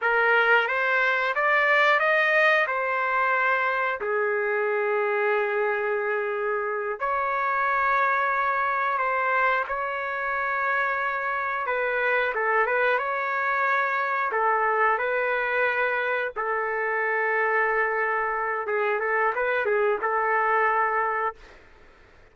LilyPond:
\new Staff \with { instrumentName = "trumpet" } { \time 4/4 \tempo 4 = 90 ais'4 c''4 d''4 dis''4 | c''2 gis'2~ | gis'2~ gis'8 cis''4.~ | cis''4. c''4 cis''4.~ |
cis''4. b'4 a'8 b'8 cis''8~ | cis''4. a'4 b'4.~ | b'8 a'2.~ a'8 | gis'8 a'8 b'8 gis'8 a'2 | }